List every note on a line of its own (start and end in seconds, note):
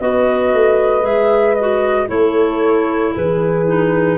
0.00 0.53 B3
0.00 1.01 F#4
0.00 2.11 B4
0.00 1.05 D#5
0.53 1.04 A3
1.01 2.09 G#3
1.01 1.54 G#4
1.01 1.55 E5
1.55 2.07 F#4
1.55 2.07 D#5
2.07 3.14 A3
2.07 3.65 E4
2.07 3.14 A4
2.07 3.14 C#5
3.14 4.17 E3
3.14 4.17 G#4
3.14 4.17 B4
3.67 4.17 D#4